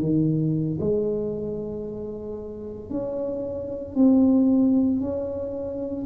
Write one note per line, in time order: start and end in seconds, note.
0.00 0.79 D#3
0.80 2.90 G#3
2.90 3.95 C#4
3.95 5.00 C4
5.00 6.06 C#4